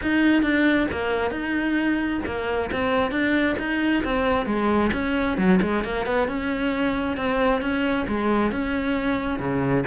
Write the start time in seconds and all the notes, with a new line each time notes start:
0.02 D#4
0.42 D4
0.91 A#3
1.30 D#4
2.25 A#3
2.72 C4
3.11 D4
3.59 D#4
4.04 C4
4.46 G#3
4.92 C#4
5.37 F#3
5.61 G#3
5.84 A#3
6.05 B3
6.28 C#4
7.16 C4
7.61 C#4
8.08 G#3
8.51 C#4
9.39 C#3